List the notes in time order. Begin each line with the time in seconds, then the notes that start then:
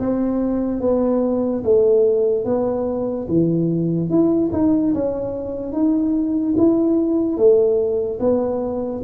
0.00 C4
0.81 B3
1.64 A3
2.45 B3
3.28 E3
4.10 E4
4.52 D#4
4.94 C#4
5.73 D#4
6.58 E4
7.37 A3
8.20 B3